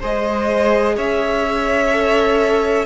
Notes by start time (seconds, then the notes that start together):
0.00 G#3 G#4 C5 D#5
0.96 C#4 C#5 E5
1.92 A4